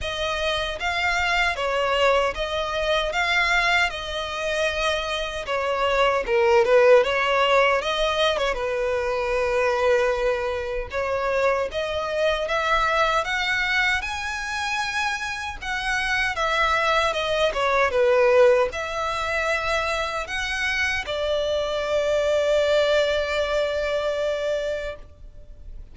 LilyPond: \new Staff \with { instrumentName = "violin" } { \time 4/4 \tempo 4 = 77 dis''4 f''4 cis''4 dis''4 | f''4 dis''2 cis''4 | ais'8 b'8 cis''4 dis''8. cis''16 b'4~ | b'2 cis''4 dis''4 |
e''4 fis''4 gis''2 | fis''4 e''4 dis''8 cis''8 b'4 | e''2 fis''4 d''4~ | d''1 | }